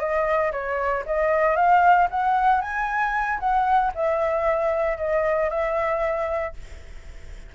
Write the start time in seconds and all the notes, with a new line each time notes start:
0.00 D#5
0.52 C#5
1.06 D#5
1.56 F5
2.11 F#5
2.61 G#5
3.40 F#5
3.95 E5
4.98 D#5
5.50 E5